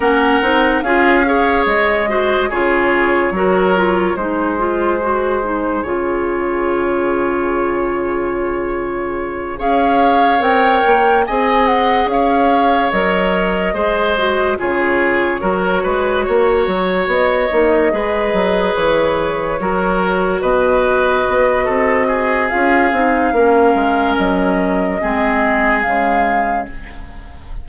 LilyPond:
<<
  \new Staff \with { instrumentName = "flute" } { \time 4/4 \tempo 4 = 72 fis''4 f''4 dis''4 cis''4~ | cis''4 c''2 cis''4~ | cis''2.~ cis''8 f''8~ | f''8 g''4 gis''8 fis''8 f''4 dis''8~ |
dis''4. cis''2~ cis''8~ | cis''8 dis''2 cis''4.~ | cis''8 dis''2~ dis''8 f''4~ | f''4 dis''2 f''4 | }
  \new Staff \with { instrumentName = "oboe" } { \time 4/4 ais'4 gis'8 cis''4 c''8 gis'4 | ais'4 gis'2.~ | gis'2.~ gis'8 cis''8~ | cis''4. dis''4 cis''4.~ |
cis''8 c''4 gis'4 ais'8 b'8 cis''8~ | cis''4. b'2 ais'8~ | ais'8 b'4. a'8 gis'4. | ais'2 gis'2 | }
  \new Staff \with { instrumentName = "clarinet" } { \time 4/4 cis'8 dis'8 f'8 gis'4 fis'8 f'4 | fis'8 f'8 dis'8 f'8 fis'8 dis'8 f'4~ | f'2.~ f'8 gis'8~ | gis'8 ais'4 gis'2 ais'8~ |
ais'8 gis'8 fis'8 f'4 fis'4.~ | fis'4 dis'8 gis'2 fis'8~ | fis'2. f'8 dis'8 | cis'2 c'4 gis4 | }
  \new Staff \with { instrumentName = "bassoon" } { \time 4/4 ais8 c'8 cis'4 gis4 cis4 | fis4 gis2 cis4~ | cis2.~ cis8 cis'8~ | cis'8 c'8 ais8 c'4 cis'4 fis8~ |
fis8 gis4 cis4 fis8 gis8 ais8 | fis8 b8 ais8 gis8 fis8 e4 fis8~ | fis8 b,4 b8 c'4 cis'8 c'8 | ais8 gis8 fis4 gis4 cis4 | }
>>